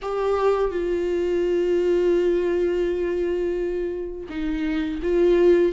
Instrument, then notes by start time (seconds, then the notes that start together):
viola
0.02 G4
0.70 F4
4.29 D#4
5.02 F4